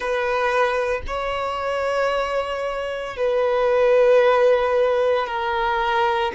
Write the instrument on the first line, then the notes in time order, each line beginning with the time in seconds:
violin
0.00 B4
1.06 C#5
3.16 B4
5.26 A#4